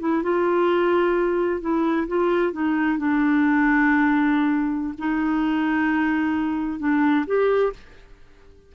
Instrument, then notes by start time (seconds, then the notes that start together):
clarinet
0.00 E4
0.23 F4
1.61 E4
2.08 F4
2.53 D#4
2.98 D4
4.99 D#4
6.80 D4
7.27 G4